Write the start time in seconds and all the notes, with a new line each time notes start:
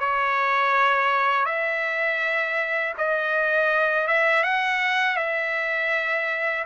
0.00 C#5
1.46 E5
2.98 D#5
4.07 E5
4.43 F#5
5.17 E5